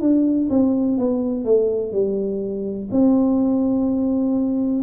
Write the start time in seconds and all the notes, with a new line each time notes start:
0.00 D4
0.50 C4
0.98 B3
1.45 A3
1.92 G3
2.91 C4